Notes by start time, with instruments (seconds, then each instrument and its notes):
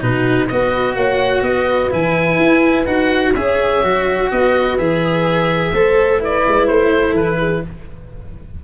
0.00 tuba B2, cello D#4, horn F#4, oboe B4
0.48 tuba B3, cello F#4, horn B4, oboe D#5
0.95 tuba A#3, horn C#5, oboe F#5
1.41 tuba B3, horn B4, oboe D#5
1.90 tuba E3, cello E4, oboe G#5
2.39 tuba E4
2.86 tuba D#4, cello F#4, oboe F#5
3.34 tuba C#4, cello G#4, horn C#5, oboe E5
3.83 tuba F#3, cello F#4
4.31 tuba B3, horn B4, oboe D#5
4.78 tuba E3, cello G#4, oboe E5
5.72 tuba A3, cello A4, horn C5
6.20 cello E4, horn B4, oboe D5
6.48 tuba G#3
6.67 tuba A3, oboe C5
6.93 horn A4
7.13 tuba E3, oboe B4
7.39 horn G#4